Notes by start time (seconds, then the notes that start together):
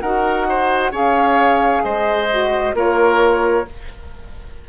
0.00 D#4 F#4 A#4 F#5
0.48 C5
0.91 C#4 G#4 C#5 F5
1.84 G#3 C5 D#5
2.30 F#4
2.73 A#3 F4 A#4 C#5